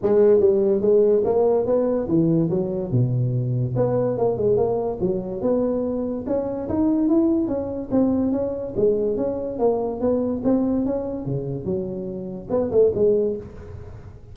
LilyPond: \new Staff \with { instrumentName = "tuba" } { \time 4/4 \tempo 4 = 144 gis4 g4 gis4 ais4 | b4 e4 fis4 b,4~ | b,4 b4 ais8 gis8 ais4 | fis4 b2 cis'4 |
dis'4 e'4 cis'4 c'4 | cis'4 gis4 cis'4 ais4 | b4 c'4 cis'4 cis4 | fis2 b8 a8 gis4 | }